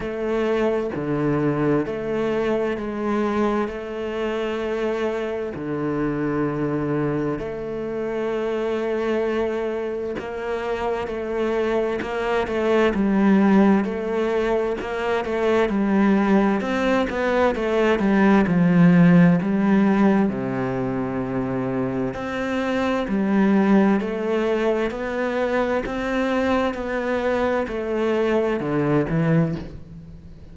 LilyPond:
\new Staff \with { instrumentName = "cello" } { \time 4/4 \tempo 4 = 65 a4 d4 a4 gis4 | a2 d2 | a2. ais4 | a4 ais8 a8 g4 a4 |
ais8 a8 g4 c'8 b8 a8 g8 | f4 g4 c2 | c'4 g4 a4 b4 | c'4 b4 a4 d8 e8 | }